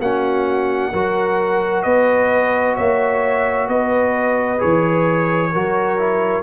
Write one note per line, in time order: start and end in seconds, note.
0.00 0.92 A#3
0.00 0.93 C#4
0.00 0.93 F#4
0.00 1.83 F#5
0.93 1.85 F#3
0.93 4.59 F#4
0.93 1.85 A#4
1.83 2.78 B3
1.83 2.77 B4
1.83 2.76 D#5
2.77 3.69 A#3
2.77 3.69 C#5
2.77 3.69 E5
3.69 4.61 B3
3.69 5.52 B4
3.69 4.61 D#5
4.59 5.55 E3
4.59 5.51 G#4
4.59 6.43 C#5
5.52 6.43 F#3
5.52 5.99 F#4
5.52 6.43 A#4
5.99 6.43 E4